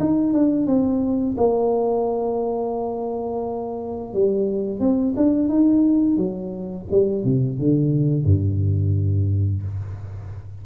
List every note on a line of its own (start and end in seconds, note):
0.00 0.33 D#4
0.33 0.67 D4
0.67 1.36 C4
1.38 4.13 A#3
4.13 4.80 G3
4.80 5.14 C4
5.17 5.49 D4
5.49 6.17 D#4
6.17 6.86 F#3
6.91 7.25 G3
7.25 7.59 C3
7.59 8.25 D3
8.25 9.63 G2